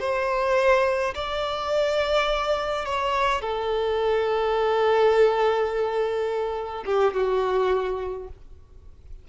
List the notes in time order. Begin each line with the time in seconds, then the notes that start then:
0.00 C5
1.15 D5
2.85 C#5
3.42 A4
6.85 G4
7.14 F#4